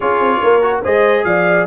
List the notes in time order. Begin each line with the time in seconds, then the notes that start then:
0.00 C#4 F4 G#4 C#5
0.19 C4
0.42 A#3 A#4
0.61 F#4
0.82 G#3 G#4 C5 D#5
1.24 F3 D5 F5